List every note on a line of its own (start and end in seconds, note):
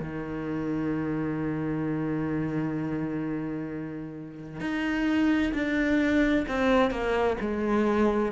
0.00 4.60 D#3
4.60 5.53 D#4
5.54 6.46 D4
6.48 6.91 C4
6.91 7.37 A#3
7.41 8.32 G#3